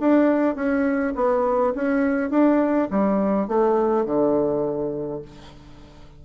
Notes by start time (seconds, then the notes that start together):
0.00 D4
0.56 C#4
1.16 B3
1.75 C#4
2.31 D4
2.91 G3
3.48 A3
4.06 D3